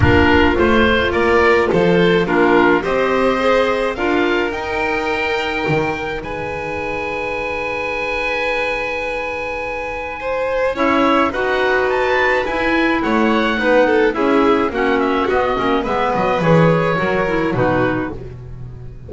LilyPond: <<
  \new Staff \with { instrumentName = "oboe" } { \time 4/4 \tempo 4 = 106 ais'4 c''4 d''4 c''4 | ais'4 dis''2 f''4 | g''2. gis''4~ | gis''1~ |
gis''2. e''4 | fis''4 a''4 gis''4 fis''4~ | fis''4 e''4 fis''8 e''8 dis''4 | e''8 dis''8 cis''2 b'4 | }
  \new Staff \with { instrumentName = "violin" } { \time 4/4 f'2 ais'4 a'4 | f'4 c''2 ais'4~ | ais'2. b'4~ | b'1~ |
b'2 c''4 cis''4 | b'2. cis''4 | b'8 a'8 gis'4 fis'2 | b'2 ais'4 fis'4 | }
  \new Staff \with { instrumentName = "clarinet" } { \time 4/4 d'4 f'2. | d'4 g'4 gis'4 f'4 | dis'1~ | dis'1~ |
dis'2. e'4 | fis'2 e'2 | dis'4 e'4 cis'4 b8 cis'8 | b4 gis'4 fis'8 e'8 dis'4 | }
  \new Staff \with { instrumentName = "double bass" } { \time 4/4 ais4 a4 ais4 f4 | ais4 c'2 d'4 | dis'2 dis4 gis4~ | gis1~ |
gis2. cis'4 | dis'2 e'4 a4 | b4 cis'4 ais4 b8 ais8 | gis8 fis8 e4 fis4 b,4 | }
>>